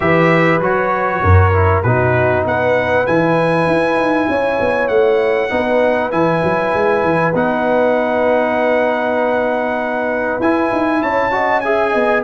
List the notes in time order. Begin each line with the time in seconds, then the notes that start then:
0.00 E3 G4 B4 E5
0.59 F#3 F#4 C#5
1.22 F#2 A#4
1.53 E4
1.82 B2 D#4 F#4 B4
2.45 B3 B4 F#5
3.06 E3 E4 G#5
3.67 E4
3.97 D#4
4.28 C#4 C#5
4.60 B3
4.88 A3 F#5
5.50 B3 D#4 B4
6.11 E3 E4 G#5
6.43 F#3
6.74 G#3
7.03 E3
7.34 B3 D#4 F#5
10.39 E4 G#5
10.71 D#4
11.01 C#4 C#5 A5
11.31 F#4 D#5
11.60 G#4 E5 G#5
11.91 B3 D#5